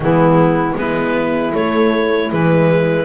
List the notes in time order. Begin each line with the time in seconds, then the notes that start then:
0.00 E3 G#3 B3 E4
0.75 G#3 B3 E4 B4
1.53 A3 C#5
2.29 E3 G#3 B4